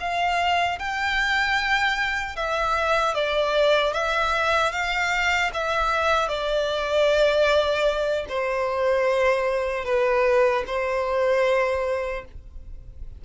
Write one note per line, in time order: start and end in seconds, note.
0.00 0.79 F5
0.79 2.36 G5
2.36 3.14 E5
3.14 3.93 D5
3.93 4.72 E5
4.72 5.51 F5
5.53 6.28 E5
6.28 8.26 D5
8.29 9.85 C5
9.85 10.64 B4
10.67 12.25 C5